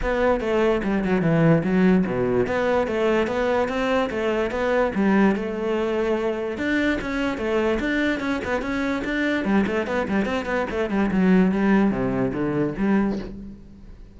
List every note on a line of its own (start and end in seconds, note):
0.02 0.40 B3
0.40 0.81 A3
0.83 1.04 G3
1.04 1.21 F#3
1.21 1.62 E3
1.63 2.05 F#3
2.06 2.46 B2
2.46 2.87 B3
2.87 3.27 A3
3.27 3.68 B3
3.68 4.09 C4
4.10 4.50 A3
4.50 4.91 B3
4.94 5.35 G3
5.35 6.57 A3
6.57 6.98 D4
7.01 7.37 C#4
7.37 7.78 A3
7.79 8.20 D4
8.20 8.40 C#4
8.44 8.61 B3
8.61 9.02 C#4
9.04 9.44 D4
9.44 9.65 G3
9.66 9.86 A3
9.86 10.07 B3
10.08 10.25 G3
10.25 10.45 C4
10.45 10.66 B3
10.70 10.90 A3
10.90 11.10 G3
11.11 11.51 F#3
11.51 11.90 G3
11.90 12.32 C3
12.33 12.74 D3
12.78 13.19 G3